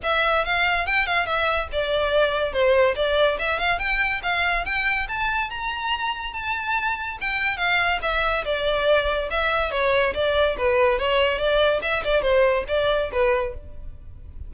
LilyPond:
\new Staff \with { instrumentName = "violin" } { \time 4/4 \tempo 4 = 142 e''4 f''4 g''8 f''8 e''4 | d''2 c''4 d''4 | e''8 f''8 g''4 f''4 g''4 | a''4 ais''2 a''4~ |
a''4 g''4 f''4 e''4 | d''2 e''4 cis''4 | d''4 b'4 cis''4 d''4 | e''8 d''8 c''4 d''4 b'4 | }